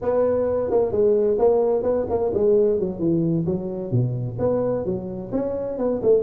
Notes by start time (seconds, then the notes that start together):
0.01 B3
0.70 A#3
0.91 G#3
1.38 A#3
1.83 B3
2.09 A#3
2.33 G#3
2.79 F#3
2.99 E3
3.46 F#3
3.91 B2
4.38 B3
4.85 F#3
5.32 C#4
5.78 B3
6.02 A3